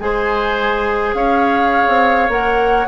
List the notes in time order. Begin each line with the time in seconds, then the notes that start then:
0.00 G#3 G#4 C5 G#5
1.14 C#4 C#5 F5
1.88 C4
2.29 A#3 A#4 F#5